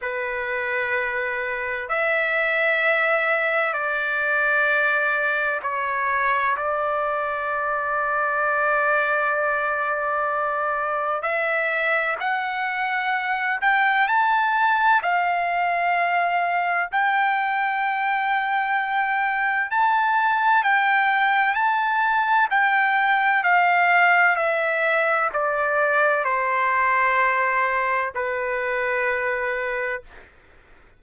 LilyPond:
\new Staff \with { instrumentName = "trumpet" } { \time 4/4 \tempo 4 = 64 b'2 e''2 | d''2 cis''4 d''4~ | d''1 | e''4 fis''4. g''8 a''4 |
f''2 g''2~ | g''4 a''4 g''4 a''4 | g''4 f''4 e''4 d''4 | c''2 b'2 | }